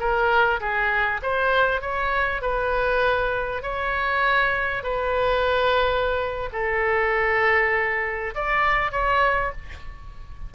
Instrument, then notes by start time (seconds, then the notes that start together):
oboe
0.00 A#4
0.61 G#4
1.23 C5
1.82 C#5
2.42 B4
3.63 C#5
4.83 B4
6.53 A4
8.35 D5
8.92 C#5